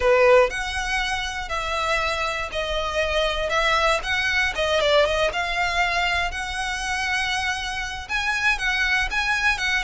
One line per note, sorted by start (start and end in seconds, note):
0.00 0.50 B4
0.50 1.48 F#5
1.48 2.49 E5
2.52 3.49 D#5
3.49 4.00 E5
4.03 4.53 F#5
4.55 4.80 D#5
4.80 5.05 D5
5.05 5.30 D#5
5.32 6.31 F5
6.31 8.07 F#5
8.08 8.58 G#5
8.58 9.08 F#5
9.10 9.58 G#5
9.58 9.83 F#5